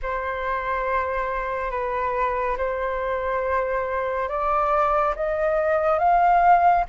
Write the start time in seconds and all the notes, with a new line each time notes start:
0.02 C5
1.71 B4
2.57 C5
4.28 D5
5.15 D#5
5.98 F5